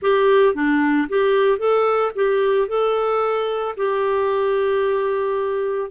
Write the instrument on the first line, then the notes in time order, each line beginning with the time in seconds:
clarinet
0.02 G4
0.54 D4
1.08 G4
1.58 A4
2.15 G4
2.68 A4
3.76 G4